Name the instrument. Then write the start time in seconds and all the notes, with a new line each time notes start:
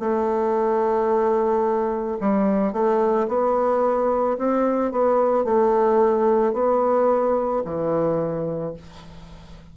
bassoon
0.00 A3
2.21 G3
2.73 A3
3.28 B3
4.38 C4
4.92 B3
5.44 A3
6.54 B3
7.65 E3